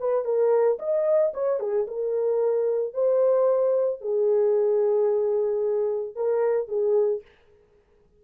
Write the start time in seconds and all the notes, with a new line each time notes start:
0.00 B4
0.25 A#4
0.79 D#5
1.34 C#5
1.60 G#4
1.87 A#4
2.94 C5
4.01 G#4
6.15 A#4
6.68 G#4